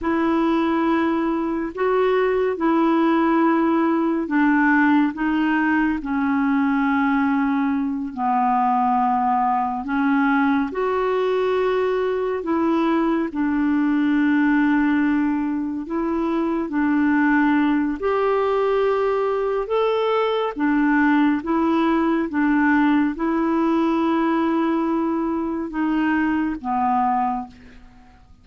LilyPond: \new Staff \with { instrumentName = "clarinet" } { \time 4/4 \tempo 4 = 70 e'2 fis'4 e'4~ | e'4 d'4 dis'4 cis'4~ | cis'4. b2 cis'8~ | cis'8 fis'2 e'4 d'8~ |
d'2~ d'8 e'4 d'8~ | d'4 g'2 a'4 | d'4 e'4 d'4 e'4~ | e'2 dis'4 b4 | }